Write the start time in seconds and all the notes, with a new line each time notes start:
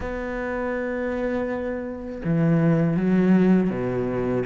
0.00 B3
2.24 E3
2.96 F#3
3.70 B2